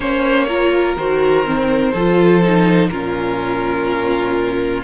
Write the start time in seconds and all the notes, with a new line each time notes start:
0.00 A#3 C#4 C5 C#5
0.48 F4 A#4
0.96 D#3 F#4 C5
1.44 C4
1.92 F3 F4 A4
2.42 D#4
2.88 A#2 C#4 F4 A#4